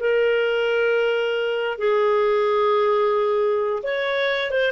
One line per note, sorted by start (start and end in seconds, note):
0.00 1.79 A#4
1.79 3.83 G#4
3.83 4.51 C#5
4.51 4.72 C5